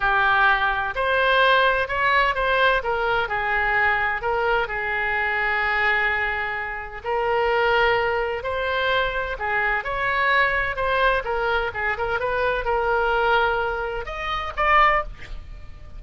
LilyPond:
\new Staff \with { instrumentName = "oboe" } { \time 4/4 \tempo 4 = 128 g'2 c''2 | cis''4 c''4 ais'4 gis'4~ | gis'4 ais'4 gis'2~ | gis'2. ais'4~ |
ais'2 c''2 | gis'4 cis''2 c''4 | ais'4 gis'8 ais'8 b'4 ais'4~ | ais'2 dis''4 d''4 | }